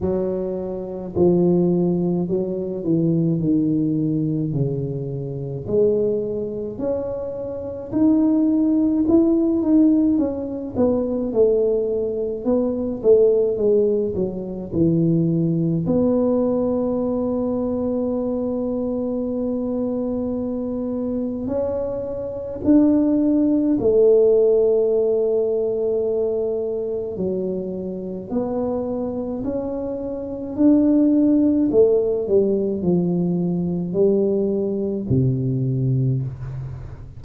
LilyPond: \new Staff \with { instrumentName = "tuba" } { \time 4/4 \tempo 4 = 53 fis4 f4 fis8 e8 dis4 | cis4 gis4 cis'4 dis'4 | e'8 dis'8 cis'8 b8 a4 b8 a8 | gis8 fis8 e4 b2~ |
b2. cis'4 | d'4 a2. | fis4 b4 cis'4 d'4 | a8 g8 f4 g4 c4 | }